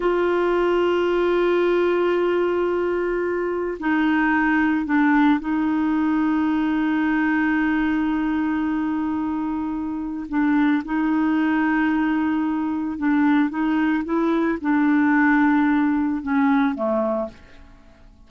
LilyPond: \new Staff \with { instrumentName = "clarinet" } { \time 4/4 \tempo 4 = 111 f'1~ | f'2. dis'4~ | dis'4 d'4 dis'2~ | dis'1~ |
dis'2. d'4 | dis'1 | d'4 dis'4 e'4 d'4~ | d'2 cis'4 a4 | }